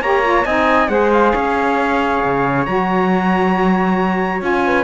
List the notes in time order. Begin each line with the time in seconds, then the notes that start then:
0.00 A#3 G4 C#5 A#5
0.22 F4
0.44 C4 D#4 D#5 G#5
0.88 G#3 G#4 C5 F#5
1.12 F5
1.32 C#4 C#5
2.24 C#3
2.65 F#3 F#4 A#5
4.40 C#4 F4 G#5
4.65 B4